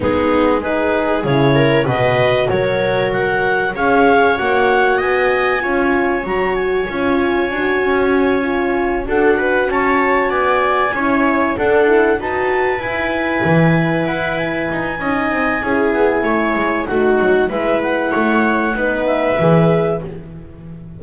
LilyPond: <<
  \new Staff \with { instrumentName = "clarinet" } { \time 4/4 \tempo 4 = 96 gis'4 b'4 cis''4 dis''4 | cis''4 fis''4 f''4 fis''4 | gis''2 ais''8 gis''4.~ | gis''2~ gis''8 fis''4 a''8~ |
a''8 gis''2 fis''4 a''8~ | a''8 gis''2 fis''8 gis''4~ | gis''2. fis''4 | e''8 fis''2 e''4. | }
  \new Staff \with { instrumentName = "viola" } { \time 4/4 dis'4 gis'4. ais'8 b'4 | ais'2 cis''2 | dis''4 cis''2.~ | cis''2~ cis''8 a'8 b'8 cis''8~ |
cis''8 d''4 cis''4 a'4 b'8~ | b'1 | dis''4 gis'4 cis''4 fis'4 | b'4 cis''4 b'2 | }
  \new Staff \with { instrumentName = "horn" } { \time 4/4 b4 dis'4 e'4 fis'4~ | fis'2 gis'4 fis'4~ | fis'4 f'4 fis'4 f'4 | fis'4. f'4 fis'4.~ |
fis'4. e'4 d'8 e'8 fis'8~ | fis'8 e'2.~ e'8 | dis'4 e'2 dis'4 | e'2 dis'4 gis'4 | }
  \new Staff \with { instrumentName = "double bass" } { \time 4/4 gis2 cis4 b,4 | fis2 cis'4 ais4 | b4 cis'4 fis4 cis'4 | d'8 cis'2 d'4 cis'8~ |
cis'8 b4 cis'4 d'4 dis'8~ | dis'8 e'4 e4 e'4 dis'8 | cis'8 c'8 cis'8 b8 a8 gis8 a8 fis8 | gis4 a4 b4 e4 | }
>>